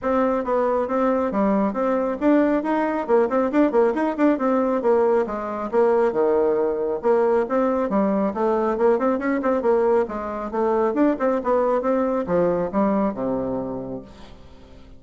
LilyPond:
\new Staff \with { instrumentName = "bassoon" } { \time 4/4 \tempo 4 = 137 c'4 b4 c'4 g4 | c'4 d'4 dis'4 ais8 c'8 | d'8 ais8 dis'8 d'8 c'4 ais4 | gis4 ais4 dis2 |
ais4 c'4 g4 a4 | ais8 c'8 cis'8 c'8 ais4 gis4 | a4 d'8 c'8 b4 c'4 | f4 g4 c2 | }